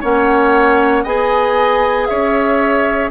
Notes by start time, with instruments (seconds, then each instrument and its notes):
0.00 bassoon A#3, clarinet C#4, oboe C#5, flute F#5
1.03 bassoon B3, clarinet G#4, oboe D#5, flute G#5
2.06 bassoon C#4, oboe C#5, flute E5